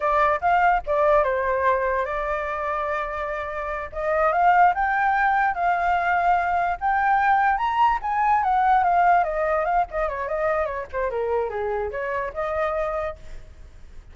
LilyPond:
\new Staff \with { instrumentName = "flute" } { \time 4/4 \tempo 4 = 146 d''4 f''4 d''4 c''4~ | c''4 d''2.~ | d''4. dis''4 f''4 g''8~ | g''4. f''2~ f''8~ |
f''8 g''2 ais''4 gis''8~ | gis''8 fis''4 f''4 dis''4 f''8 | dis''8 cis''8 dis''4 cis''8 c''8 ais'4 | gis'4 cis''4 dis''2 | }